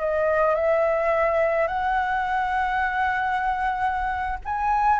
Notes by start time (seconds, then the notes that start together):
0.00 D#5
0.55 E5
1.68 F#5
4.45 G#5